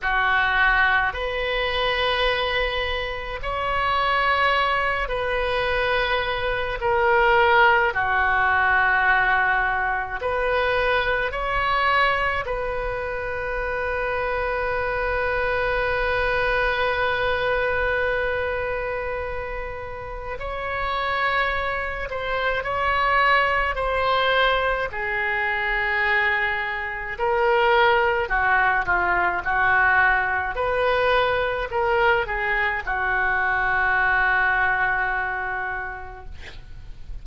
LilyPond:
\new Staff \with { instrumentName = "oboe" } { \time 4/4 \tempo 4 = 53 fis'4 b'2 cis''4~ | cis''8 b'4. ais'4 fis'4~ | fis'4 b'4 cis''4 b'4~ | b'1~ |
b'2 cis''4. c''8 | cis''4 c''4 gis'2 | ais'4 fis'8 f'8 fis'4 b'4 | ais'8 gis'8 fis'2. | }